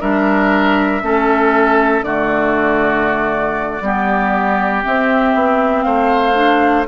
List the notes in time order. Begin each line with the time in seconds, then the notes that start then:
0.00 G3 D4 A#4 E5
1.02 A3 C#4 A4
2.01 D3 A3 F#4 D5
3.81 G3 B3 G4
4.82 C4 E5
5.34 B3
5.82 A3 C5 F5
6.34 D4